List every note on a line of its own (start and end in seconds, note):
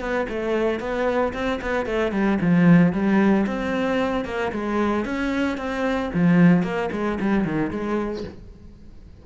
0.00 0.27 B3
0.29 0.80 A3
0.80 1.33 B3
1.33 1.60 C4
1.61 1.86 B3
1.86 2.12 A3
2.12 2.38 G3
2.41 2.93 F3
2.93 3.46 G3
3.47 4.25 C4
4.25 4.52 A#3
4.52 5.05 G#3
5.05 5.58 C#4
5.58 6.11 C4
6.14 6.63 F3
6.63 6.89 A#3
6.92 7.18 G#3
7.20 7.45 G3
7.45 7.71 D#3
7.71 8.24 G#3